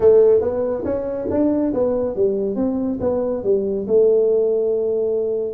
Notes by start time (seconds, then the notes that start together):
0.00 A3
0.41 B3
0.84 C#4
1.30 D4
1.73 B3
2.15 G3
2.55 C4
3.00 B3
3.43 G3
3.87 A3